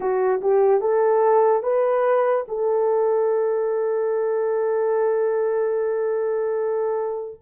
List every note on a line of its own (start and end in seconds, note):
0.00 0.41 F#4
0.41 0.80 G4
0.80 1.63 A4
1.63 2.45 B4
2.47 7.40 A4